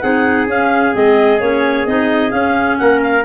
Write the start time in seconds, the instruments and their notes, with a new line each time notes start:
0.00 tuba C4, clarinet D#4 F#5, trumpet G#4
0.47 tuba C#4, clarinet C#4 F5
0.92 tuba G#3, clarinet C4 D#5
1.40 tuba A#3, clarinet C#4 C#5
1.86 tuba C4, clarinet D#4 D#5
2.30 clarinet C#4 F5, tuba C#4
2.78 tuba A#3, trumpet A#4, clarinet F#5
3.02 clarinet F5